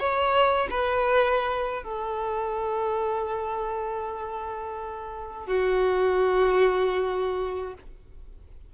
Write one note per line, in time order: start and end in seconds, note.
0.00 0.68 C#5
0.71 1.84 B4
1.84 5.47 A4
5.47 7.74 F#4